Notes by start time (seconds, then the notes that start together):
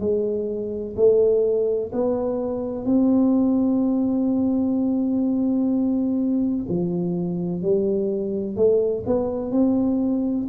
0.00 G#3
0.97 A3
1.93 B3
2.85 C4
6.69 F3
7.62 G3
8.57 A3
9.06 B3
9.52 C4